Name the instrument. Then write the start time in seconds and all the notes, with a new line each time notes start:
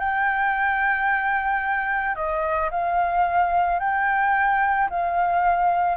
flute
0.00 G5
2.16 D#5
2.71 F5
3.80 G5
4.90 F5